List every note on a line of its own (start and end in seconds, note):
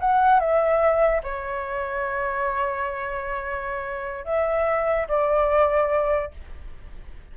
0.00 0.40 F#5
0.40 1.22 E5
1.24 4.25 C#5
4.25 5.07 E5
5.08 6.31 D5